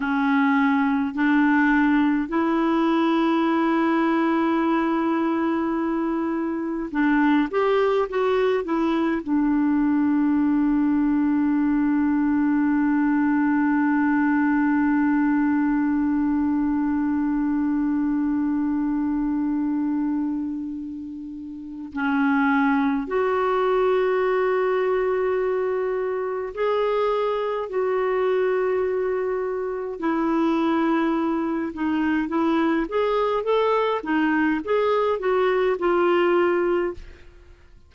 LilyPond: \new Staff \with { instrumentName = "clarinet" } { \time 4/4 \tempo 4 = 52 cis'4 d'4 e'2~ | e'2 d'8 g'8 fis'8 e'8 | d'1~ | d'1~ |
d'2. cis'4 | fis'2. gis'4 | fis'2 e'4. dis'8 | e'8 gis'8 a'8 dis'8 gis'8 fis'8 f'4 | }